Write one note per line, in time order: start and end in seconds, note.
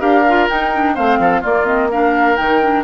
0.00 0.49 D4
0.00 0.24 G4
0.00 0.94 A#4
0.00 0.49 F5
0.29 0.50 F4
0.49 0.74 D#4
0.49 0.99 D#4
0.49 0.96 G5
0.75 0.96 D4
0.95 1.19 A3
0.95 1.44 C4
0.95 1.19 C5
0.95 1.44 F5
1.19 1.43 F3
1.19 1.42 A4
1.42 1.67 A#3
1.42 2.39 A#3
1.42 1.89 F4
1.42 1.67 D5
1.67 1.90 C4
1.67 1.90 D#5
1.91 2.37 D4
1.91 2.85 A#4
1.91 2.37 F5
2.37 2.85 D#3
2.37 2.61 D#4
2.37 2.84 G5
2.63 2.85 D4